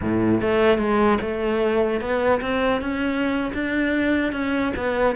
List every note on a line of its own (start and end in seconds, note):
0.01 0.41 A2
0.41 0.78 A3
0.78 1.18 G#3
1.21 2.00 A3
2.00 2.41 B3
2.41 2.81 C4
2.81 3.51 C#4
3.53 4.32 D4
4.32 4.72 C#4
4.76 5.15 B3